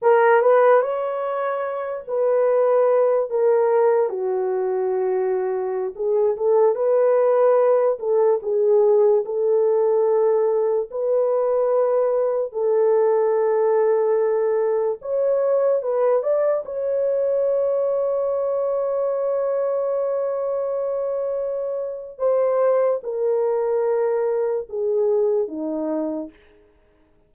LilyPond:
\new Staff \with { instrumentName = "horn" } { \time 4/4 \tempo 4 = 73 ais'8 b'8 cis''4. b'4. | ais'4 fis'2~ fis'16 gis'8 a'16~ | a'16 b'4. a'8 gis'4 a'8.~ | a'4~ a'16 b'2 a'8.~ |
a'2~ a'16 cis''4 b'8 d''16~ | d''16 cis''2.~ cis''8.~ | cis''2. c''4 | ais'2 gis'4 dis'4 | }